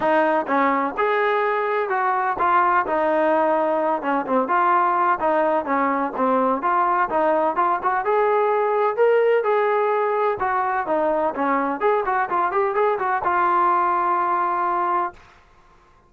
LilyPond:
\new Staff \with { instrumentName = "trombone" } { \time 4/4 \tempo 4 = 127 dis'4 cis'4 gis'2 | fis'4 f'4 dis'2~ | dis'8 cis'8 c'8 f'4. dis'4 | cis'4 c'4 f'4 dis'4 |
f'8 fis'8 gis'2 ais'4 | gis'2 fis'4 dis'4 | cis'4 gis'8 fis'8 f'8 g'8 gis'8 fis'8 | f'1 | }